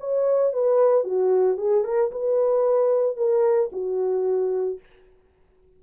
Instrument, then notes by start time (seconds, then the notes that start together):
horn
0.00 C#5
0.53 B4
1.04 F#4
1.58 G#4
1.84 A#4
2.11 B4
3.17 A#4
3.72 F#4